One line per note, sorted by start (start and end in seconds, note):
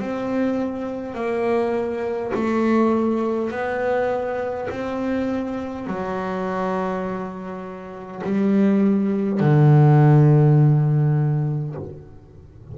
0.00 1.14 C4
1.14 2.32 A#3
2.35 3.51 A3
3.51 4.69 B3
4.70 5.87 C4
5.87 8.22 F#3
8.25 9.40 G3
9.40 11.75 D3